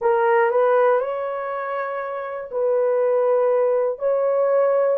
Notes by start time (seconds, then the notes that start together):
0.01 A#4
0.50 B4
1.00 C#5
2.51 B4
3.99 C#5